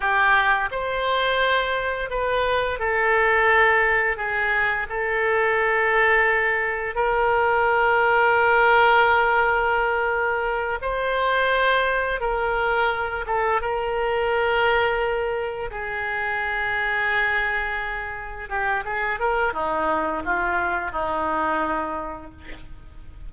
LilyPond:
\new Staff \with { instrumentName = "oboe" } { \time 4/4 \tempo 4 = 86 g'4 c''2 b'4 | a'2 gis'4 a'4~ | a'2 ais'2~ | ais'2.~ ais'8 c''8~ |
c''4. ais'4. a'8 ais'8~ | ais'2~ ais'8 gis'4.~ | gis'2~ gis'8 g'8 gis'8 ais'8 | dis'4 f'4 dis'2 | }